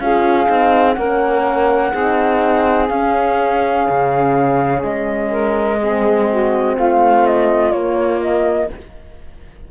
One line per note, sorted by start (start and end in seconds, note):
0.00 0.48 C#4
0.00 0.47 F4
0.00 0.97 G#4
0.00 0.94 F5
0.47 0.97 C4
0.47 0.95 D#4
0.94 1.94 A#3
0.94 1.93 C#4
0.94 1.92 A#4
0.94 2.87 F#5
1.92 2.90 C4
1.92 2.90 D#4
1.92 5.30 G#4
2.89 3.87 C#4
2.89 5.81 C#4
2.89 4.83 F5
3.90 4.84 C#3
4.83 6.77 G#3
4.83 6.77 D#5
5.31 5.79 A#4
5.80 7.74 C4
5.80 6.29 G#4
6.31 6.76 F#4
6.76 7.73 A3
6.76 8.70 F4
6.76 7.26 F5
7.26 7.72 D#5
7.72 8.70 A#3
7.72 8.72 A#3
7.72 8.21 C#5
8.22 8.71 D#5